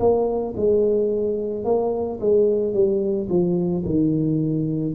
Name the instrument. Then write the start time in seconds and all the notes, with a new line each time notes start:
tuba
0.00 A#3
0.57 G#3
1.65 A#3
2.21 G#3
2.74 G3
3.29 F3
3.86 D#3